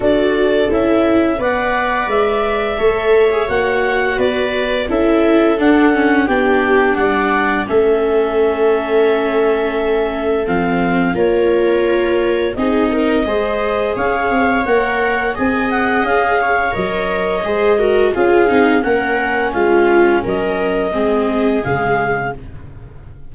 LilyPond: <<
  \new Staff \with { instrumentName = "clarinet" } { \time 4/4 \tempo 4 = 86 d''4 e''4 fis''4 e''4~ | e''4 fis''4 d''4 e''4 | fis''4 g''4 fis''4 e''4~ | e''2. f''4 |
cis''2 dis''2 | f''4 fis''4 gis''8 fis''8 f''4 | dis''2 f''4 fis''4 | f''4 dis''2 f''4 | }
  \new Staff \with { instrumentName = "viola" } { \time 4/4 a'2 d''2 | cis''2 b'4 a'4~ | a'4 g'4 d''4 a'4~ | a'1 |
ais'2 gis'8 ais'8 c''4 | cis''2 dis''4. cis''8~ | cis''4 c''8 ais'8 gis'4 ais'4 | f'4 ais'4 gis'2 | }
  \new Staff \with { instrumentName = "viola" } { \time 4/4 fis'4 e'4 b'2 | a'8. gis'16 fis'2 e'4 | d'8 cis'8 d'2 cis'4~ | cis'2. c'4 |
f'2 dis'4 gis'4~ | gis'4 ais'4 gis'2 | ais'4 gis'8 fis'8 f'8 dis'8 cis'4~ | cis'2 c'4 gis4 | }
  \new Staff \with { instrumentName = "tuba" } { \time 4/4 d'4 cis'4 b4 gis4 | a4 ais4 b4 cis'4 | d'4 b4 g4 a4~ | a2. f4 |
ais2 c'4 gis4 | cis'8 c'8 ais4 c'4 cis'4 | fis4 gis4 cis'8 c'8 ais4 | gis4 fis4 gis4 cis4 | }
>>